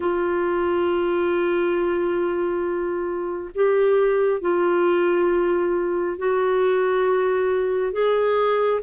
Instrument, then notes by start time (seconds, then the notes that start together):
clarinet
0.00 F4
3.54 G4
4.41 F4
6.18 F#4
7.92 G#4